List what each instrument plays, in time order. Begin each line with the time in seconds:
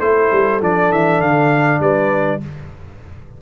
0.00 tuba A3, trombone E4, horn A4, trumpet C5
0.32 tuba G3
0.61 tuba F3, trombone D4, trumpet D5
0.92 tuba E3, trumpet E5
1.20 tuba D3, trumpet F5
1.80 tuba G3, horn B4, trumpet D5